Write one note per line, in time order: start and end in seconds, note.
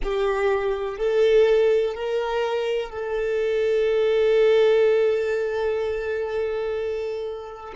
0.03 0.97 G4
0.97 1.94 A4
1.94 2.89 A#4
2.89 7.73 A4